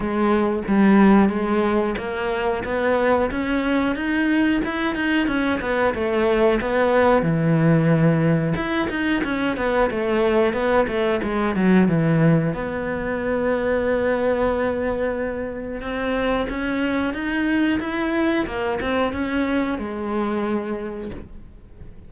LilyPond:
\new Staff \with { instrumentName = "cello" } { \time 4/4 \tempo 4 = 91 gis4 g4 gis4 ais4 | b4 cis'4 dis'4 e'8 dis'8 | cis'8 b8 a4 b4 e4~ | e4 e'8 dis'8 cis'8 b8 a4 |
b8 a8 gis8 fis8 e4 b4~ | b1 | c'4 cis'4 dis'4 e'4 | ais8 c'8 cis'4 gis2 | }